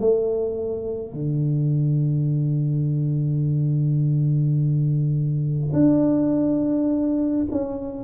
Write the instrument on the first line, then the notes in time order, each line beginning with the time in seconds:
tuba
0.00 A3
1.13 D3
5.73 D4
7.52 C#4